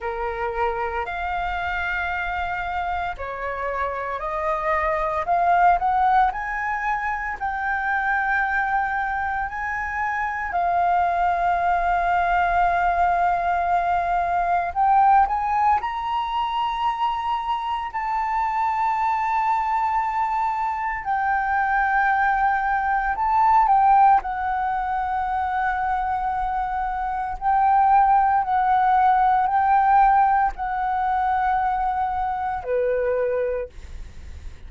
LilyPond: \new Staff \with { instrumentName = "flute" } { \time 4/4 \tempo 4 = 57 ais'4 f''2 cis''4 | dis''4 f''8 fis''8 gis''4 g''4~ | g''4 gis''4 f''2~ | f''2 g''8 gis''8 ais''4~ |
ais''4 a''2. | g''2 a''8 g''8 fis''4~ | fis''2 g''4 fis''4 | g''4 fis''2 b'4 | }